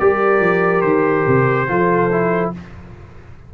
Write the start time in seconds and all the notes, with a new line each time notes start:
0.00 G3 G4 A#4 D5
0.40 F3
0.82 D#3 C5
1.27 C3
1.68 F3 F4 A4
2.12 E4